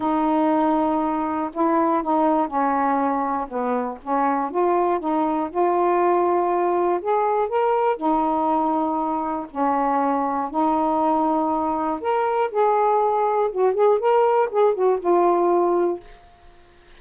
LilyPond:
\new Staff \with { instrumentName = "saxophone" } { \time 4/4 \tempo 4 = 120 dis'2. e'4 | dis'4 cis'2 b4 | cis'4 f'4 dis'4 f'4~ | f'2 gis'4 ais'4 |
dis'2. cis'4~ | cis'4 dis'2. | ais'4 gis'2 fis'8 gis'8 | ais'4 gis'8 fis'8 f'2 | }